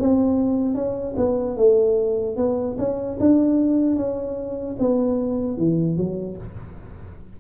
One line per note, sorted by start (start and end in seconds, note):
0.00 0.75 C4
0.75 1.15 C#4
1.17 1.57 B3
1.57 2.37 A3
2.37 2.77 B3
2.79 3.19 C#4
3.20 3.97 D4
3.97 4.77 C#4
4.80 5.58 B3
5.58 5.97 E3
5.97 6.37 F#3